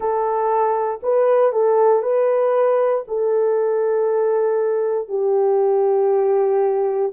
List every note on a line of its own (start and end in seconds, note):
0.00 1.00 A4
1.02 1.52 B4
1.52 2.02 A4
2.02 3.04 B4
3.07 5.08 A4
5.08 7.11 G4